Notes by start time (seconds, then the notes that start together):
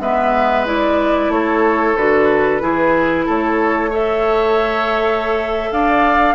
0.00 G#3 B3 B4 E5
0.66 E4 D5
1.29 A3 A4 C#5
1.97 D3 F#4 B4
2.61 E3 E4 G#4
3.26 A3 A4 C#5
3.91 A4 C#5 E5
5.72 D4 D5 F5